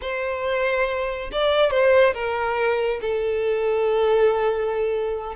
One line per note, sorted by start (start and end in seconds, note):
0.01 1.30 C5
1.32 1.70 D5
1.70 2.13 C5
2.14 2.99 A#4
3.01 5.36 A4